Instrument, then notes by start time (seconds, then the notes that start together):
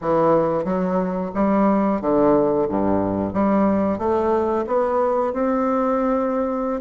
bassoon
0.01 E3
0.64 F#3
1.34 G3
2.01 D3
2.68 G2
3.33 G3
3.98 A3
4.66 B3
5.33 C4